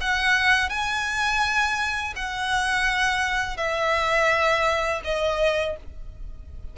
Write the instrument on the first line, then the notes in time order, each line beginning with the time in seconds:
violin
0.00 F#5
0.69 G#5
2.16 F#5
3.57 E5
5.04 D#5